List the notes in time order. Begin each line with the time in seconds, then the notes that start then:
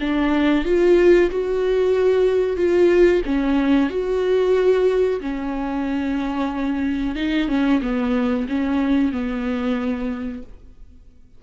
0.00 D4
0.65 F4
1.30 F#4
2.56 F4
3.25 C#4
3.90 F#4
5.20 C#4
7.15 D#4
7.48 C#4
7.81 B3
8.48 C#4
9.12 B3